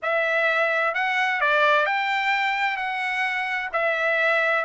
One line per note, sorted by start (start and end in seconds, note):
0.02 0.94 E5
0.94 1.40 F#5
1.40 1.86 D5
1.86 2.76 G5
2.76 3.69 F#5
3.72 4.64 E5